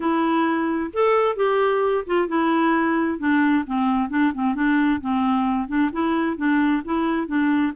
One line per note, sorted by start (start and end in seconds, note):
0.00 0.90 E4
0.93 1.36 A4
1.36 2.04 G4
2.06 2.28 F4
2.28 3.18 E4
3.18 3.64 D4
3.66 4.09 C4
4.09 4.32 D4
4.34 4.55 C4
4.55 5.00 D4
5.00 5.67 C4
5.67 5.90 D4
5.92 6.37 E4
6.37 6.82 D4
6.84 7.27 E4
7.27 7.72 D4